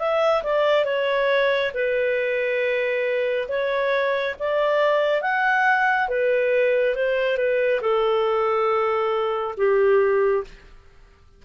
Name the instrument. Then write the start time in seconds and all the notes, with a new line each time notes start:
clarinet
0.00 E5
0.43 D5
0.85 C#5
1.74 B4
3.49 C#5
4.40 D5
5.22 F#5
6.09 B4
6.96 C5
7.38 B4
7.81 A4
9.58 G4